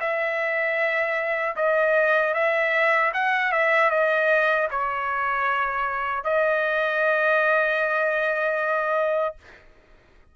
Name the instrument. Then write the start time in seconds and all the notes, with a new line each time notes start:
trumpet
0.00 E5
1.56 D#5
2.34 E5
3.14 F#5
3.52 E5
3.91 D#5
4.71 C#5
6.24 D#5